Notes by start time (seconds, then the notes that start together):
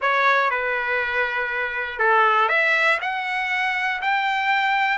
0.01 C#5
0.50 B4
1.99 A4
2.48 E5
3.01 F#5
4.01 G5